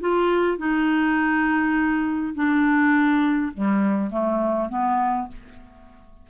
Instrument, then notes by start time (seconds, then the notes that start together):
clarinet
0.00 F4
0.58 D#4
2.35 D4
3.54 G3
4.11 A3
4.69 B3